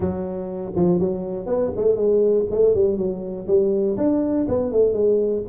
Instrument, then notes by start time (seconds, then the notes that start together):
tuba
0.00 F#3
0.75 F3
0.99 F#3
1.46 B3
1.76 A3
1.96 G#3
2.50 A3
2.75 G3
2.97 F#3
3.47 G3
3.97 D4
4.48 B3
4.72 A3
4.93 G#3